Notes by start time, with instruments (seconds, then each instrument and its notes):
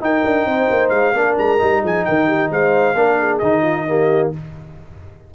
0.00 trombone D#4, tuba D#4, horn A#4, trumpet G5
0.24 tuba D4
0.45 tuba C4, horn C5
0.70 tuba A#3
0.89 tuba G#3, trumpet F5
1.13 tuba A#3, trombone D4, horn A#4
1.38 tuba G#3, trumpet A#5
1.58 tuba G3, trombone D#4
1.82 tuba F3, horn G#4, trumpet G#5
2.04 tuba D#3, horn A#4, trumpet G5
2.27 horn G4
2.50 tuba G#3, horn C5, trumpet F5
2.94 tuba A#3, trombone D4, horn A#4
3.19 horn G#4
3.38 tuba D#3, trombone D#4, trumpet D#5
3.62 horn F4
3.87 trombone A#3, horn G4